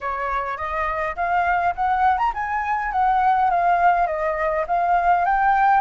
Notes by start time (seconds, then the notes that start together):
0.00 C#5
0.57 D#5
1.16 F5
1.75 F#5
2.17 A#5
2.34 G#5
2.92 F#5
3.50 F5
4.06 D#5
4.67 F5
5.25 G5